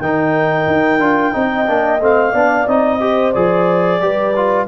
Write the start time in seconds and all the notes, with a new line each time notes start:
0.00 D#3 D#4 A#4 G5
0.67 D#4
0.99 D4 F4
1.33 C4 D#4 D#5
1.66 A#3 D4
2.00 A3 C4 F5
2.32 B3 D4 D5
2.67 C4 D#4 D#5
3.00 G4 C5
3.32 F3 G#4 D5
4.01 G3 G4 B4
4.36 F4